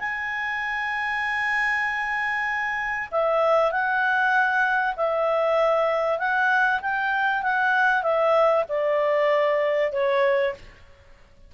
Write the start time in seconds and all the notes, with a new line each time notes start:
0.00 G#5
3.12 E5
3.72 F#5
4.97 E5
6.19 F#5
6.82 G5
7.43 F#5
8.03 E5
8.69 D5
9.93 C#5